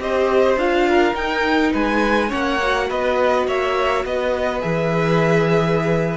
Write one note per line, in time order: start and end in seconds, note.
0.00 0.56 C4
0.00 0.58 G4
0.00 0.89 C5
0.00 0.59 D#5
0.56 1.14 D4
0.56 1.15 F4
0.56 1.15 F5
0.89 1.73 A#4
1.15 2.29 D#4
1.15 1.73 D#4
1.15 1.73 G5
1.73 2.32 G#3
1.73 2.29 B4
1.73 2.32 G#5
2.29 2.91 A#3
2.29 2.58 C#4
2.29 2.87 C#5
2.29 2.90 F#5
2.63 4.61 F#4
2.90 3.47 B3
2.90 3.47 B4
2.90 3.48 D#5
3.47 4.05 A#3
3.47 4.05 C#5
3.47 4.06 E5
4.05 4.62 B3
4.05 6.18 B4
4.05 4.62 D#5
4.61 6.18 E3
4.61 6.18 G#4
4.61 6.18 E5